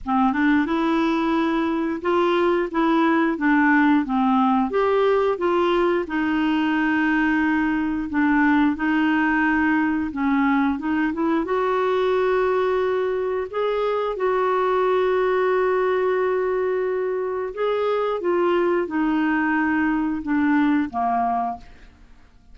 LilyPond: \new Staff \with { instrumentName = "clarinet" } { \time 4/4 \tempo 4 = 89 c'8 d'8 e'2 f'4 | e'4 d'4 c'4 g'4 | f'4 dis'2. | d'4 dis'2 cis'4 |
dis'8 e'8 fis'2. | gis'4 fis'2.~ | fis'2 gis'4 f'4 | dis'2 d'4 ais4 | }